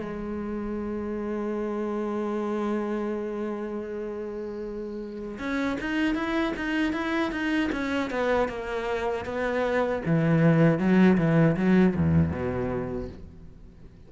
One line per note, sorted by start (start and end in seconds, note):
0.00 5.38 G#3
5.39 5.78 C#4
5.81 6.15 D#4
6.15 6.53 E4
6.56 6.93 D#4
6.93 7.31 E4
7.32 7.70 D#4
7.72 8.10 C#4
8.11 8.49 B3
8.49 9.26 A#3
9.26 10.02 B3
10.06 10.79 E3
10.79 11.17 F#3
11.18 11.56 E3
11.56 11.95 F#3
11.96 12.32 E2
12.32 13.09 B2